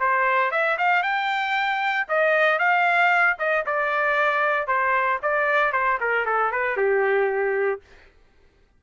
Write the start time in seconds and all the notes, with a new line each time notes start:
0.00 C5
0.52 E5
0.78 F5
1.03 G5
2.09 D#5
2.59 F5
3.39 D#5
3.66 D5
4.68 C5
5.23 D5
5.73 C5
6.01 A#4
6.26 A4
6.52 B4
6.77 G4